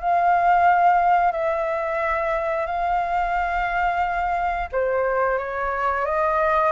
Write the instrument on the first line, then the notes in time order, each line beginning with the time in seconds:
flute
0.00 F5
1.32 E5
2.66 F5
4.72 C5
5.38 C#5
6.06 D#5